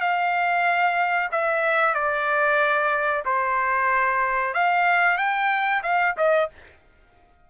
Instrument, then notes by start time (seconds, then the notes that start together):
trumpet
0.00 F5
1.31 E5
1.94 D5
3.25 C5
4.54 F5
5.17 G5
5.83 F5
6.17 D#5